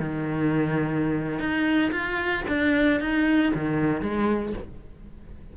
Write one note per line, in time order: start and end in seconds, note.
0.00 1.39 D#3
1.39 1.92 D#4
1.92 2.44 F4
2.48 3.00 D4
3.00 3.53 D#4
3.55 4.02 D#3
4.02 4.54 G#3